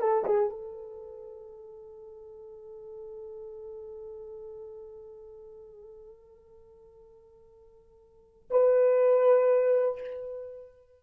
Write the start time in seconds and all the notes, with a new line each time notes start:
0.00 A4
0.25 G#4
0.50 A4
8.51 B4